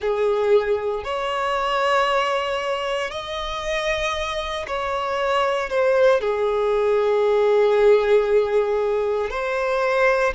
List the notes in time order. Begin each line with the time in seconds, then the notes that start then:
0.00 G#4
1.03 C#5
3.10 D#5
4.67 C#5
5.69 C5
6.20 G#4
9.30 C5